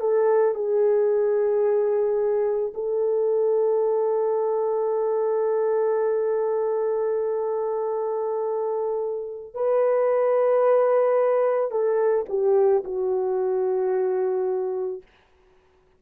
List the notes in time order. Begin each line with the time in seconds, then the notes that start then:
0.00 A4
0.55 G#4
2.74 A4
9.54 B4
11.71 A4
12.29 G4
12.84 F#4